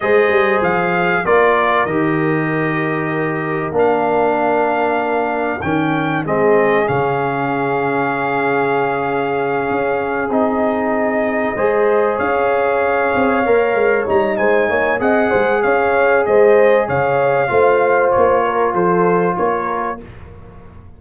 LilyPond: <<
  \new Staff \with { instrumentName = "trumpet" } { \time 4/4 \tempo 4 = 96 dis''4 f''4 d''4 dis''4~ | dis''2 f''2~ | f''4 g''4 dis''4 f''4~ | f''1~ |
f''8 dis''2. f''8~ | f''2~ f''8 ais''8 gis''4 | fis''4 f''4 dis''4 f''4~ | f''4 cis''4 c''4 cis''4 | }
  \new Staff \with { instrumentName = "horn" } { \time 4/4 c''2 ais'2~ | ais'1~ | ais'2 gis'2~ | gis'1~ |
gis'2~ gis'8 c''4 cis''8~ | cis''2. c''8 cis''8 | dis''8 c''8 cis''4 c''4 cis''4 | c''4. ais'8 a'4 ais'4 | }
  \new Staff \with { instrumentName = "trombone" } { \time 4/4 gis'2 f'4 g'4~ | g'2 d'2~ | d'4 cis'4 c'4 cis'4~ | cis'1~ |
cis'8 dis'2 gis'4.~ | gis'4. ais'4 dis'4. | gis'1 | f'1 | }
  \new Staff \with { instrumentName = "tuba" } { \time 4/4 gis8 g8 f4 ais4 dis4~ | dis2 ais2~ | ais4 dis4 gis4 cis4~ | cis2.~ cis8 cis'8~ |
cis'8 c'2 gis4 cis'8~ | cis'4 c'8 ais8 gis8 g8 gis8 ais8 | c'8 gis8 cis'4 gis4 cis4 | a4 ais4 f4 ais4 | }
>>